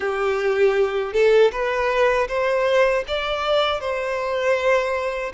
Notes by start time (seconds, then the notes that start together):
0.00 G4
1.13 A4
1.51 B4
2.28 C5
3.07 D5
3.80 C5